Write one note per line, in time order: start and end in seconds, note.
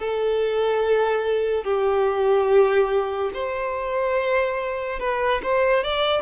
0.00 1.65 A4
1.65 3.31 G4
3.34 5.00 C5
5.00 5.42 B4
5.43 5.84 C5
5.84 6.22 D5